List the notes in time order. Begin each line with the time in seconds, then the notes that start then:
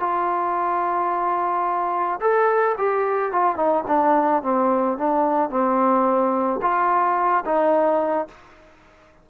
0.00 F4
2.21 A4
2.78 G4
3.32 F4
3.57 D#4
3.88 D4
4.43 C4
4.98 D4
5.50 C4
6.62 F4
7.46 D#4